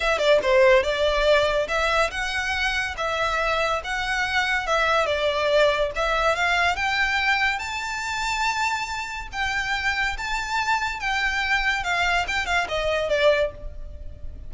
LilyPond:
\new Staff \with { instrumentName = "violin" } { \time 4/4 \tempo 4 = 142 e''8 d''8 c''4 d''2 | e''4 fis''2 e''4~ | e''4 fis''2 e''4 | d''2 e''4 f''4 |
g''2 a''2~ | a''2 g''2 | a''2 g''2 | f''4 g''8 f''8 dis''4 d''4 | }